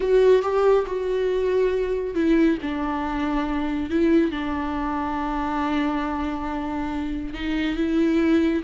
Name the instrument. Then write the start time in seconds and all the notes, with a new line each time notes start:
viola
0.00 F#4
0.42 G4
0.86 F#4
2.14 E4
2.62 D4
3.90 E4
4.31 D4
7.33 D#4
7.76 E4